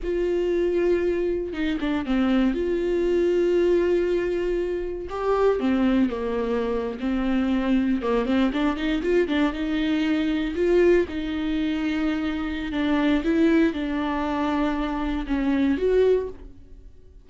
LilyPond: \new Staff \with { instrumentName = "viola" } { \time 4/4 \tempo 4 = 118 f'2. dis'8 d'8 | c'4 f'2.~ | f'2 g'4 c'4 | ais4.~ ais16 c'2 ais16~ |
ais16 c'8 d'8 dis'8 f'8 d'8 dis'4~ dis'16~ | dis'8. f'4 dis'2~ dis'16~ | dis'4 d'4 e'4 d'4~ | d'2 cis'4 fis'4 | }